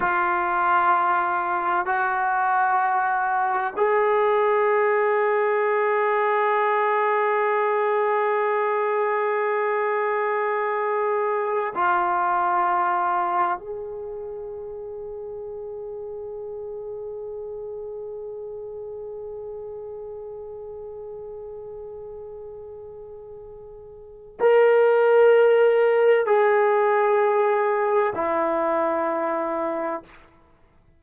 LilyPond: \new Staff \with { instrumentName = "trombone" } { \time 4/4 \tempo 4 = 64 f'2 fis'2 | gis'1~ | gis'1~ | gis'8 f'2 gis'4.~ |
gis'1~ | gis'1~ | gis'2 ais'2 | gis'2 e'2 | }